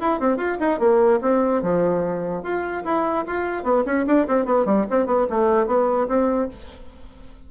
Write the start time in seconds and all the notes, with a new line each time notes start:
0.00 E4
0.20 C4
0.37 F4
0.60 D#4
0.79 A#3
1.21 C4
1.62 F3
2.43 F4
2.84 E4
3.26 F4
3.63 B3
3.86 C#4
4.07 D4
4.27 C4
4.45 B3
4.65 G3
4.90 C4
5.06 B3
5.29 A3
5.66 B3
6.08 C4